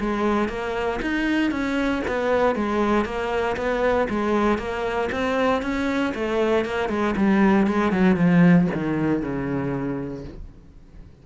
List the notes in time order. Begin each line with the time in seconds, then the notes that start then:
0.00 G#3
0.49 A#3
1.02 D#4
1.51 C#4
2.08 B3
2.56 G#3
3.05 A#3
3.57 B3
4.10 G#3
4.58 A#3
5.12 C4
5.62 C#4
6.15 A3
6.65 A#3
6.89 G#3
7.17 G3
7.67 G#3
7.92 F#3
8.16 F3
8.74 D#3
9.22 C#3